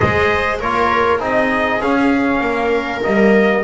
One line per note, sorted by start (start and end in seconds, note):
0.00 0.62 G#3
0.00 0.59 G#4
0.00 0.59 C5
0.00 0.58 D#5
0.59 1.20 A#3
0.59 1.19 F4
0.59 1.20 A#4
0.59 1.21 C#5
1.19 1.80 C4
1.19 1.80 D#4
1.19 2.41 G#4
1.19 1.81 D#5
1.81 2.40 C#4
1.81 3.02 C#4
1.81 3.03 F5
2.40 3.01 A#3
2.40 3.63 A#4
3.02 3.63 G3
3.02 3.62 A#3
3.02 3.63 D#5